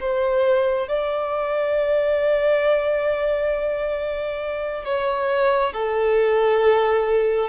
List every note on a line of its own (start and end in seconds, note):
0.00 0.88 C5
0.88 4.85 D5
4.85 5.73 C#5
5.73 7.49 A4